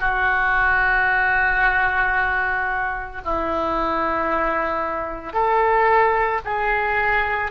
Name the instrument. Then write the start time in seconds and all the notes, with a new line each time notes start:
oboe
0.00 F#4
3.25 E4
5.33 A4
6.44 G#4